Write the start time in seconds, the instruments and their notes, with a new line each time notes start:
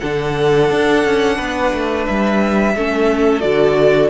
0.00 cello D3, viola D4, violin A4 F#5
0.70 cello D4
1.04 cello C#4
1.37 cello B3, violin B4
1.73 cello A3
2.06 cello G3, violin E5
2.76 cello A3, viola C#4, violin A4
3.41 cello D3, viola F#4, violin D5